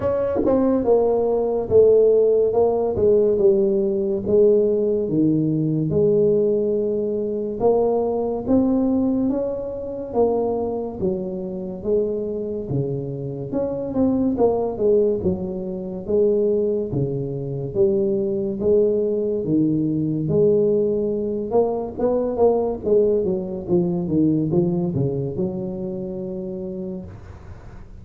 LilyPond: \new Staff \with { instrumentName = "tuba" } { \time 4/4 \tempo 4 = 71 cis'8 c'8 ais4 a4 ais8 gis8 | g4 gis4 dis4 gis4~ | gis4 ais4 c'4 cis'4 | ais4 fis4 gis4 cis4 |
cis'8 c'8 ais8 gis8 fis4 gis4 | cis4 g4 gis4 dis4 | gis4. ais8 b8 ais8 gis8 fis8 | f8 dis8 f8 cis8 fis2 | }